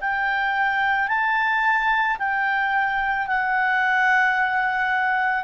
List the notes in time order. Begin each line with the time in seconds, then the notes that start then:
0.00 G5
1.08 A5
2.18 G5
3.27 F#5